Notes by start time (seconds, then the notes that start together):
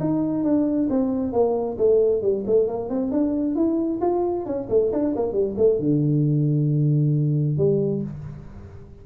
0.00 D#4
0.44 D4
0.90 C4
1.33 A#3
1.78 A3
2.22 G3
2.47 A3
2.68 A#3
2.90 C4
3.12 D4
3.56 E4
4.02 F4
4.46 C#4
4.70 A3
4.93 D4
5.16 A#3
5.33 G3
5.58 A3
5.80 D3
7.58 G3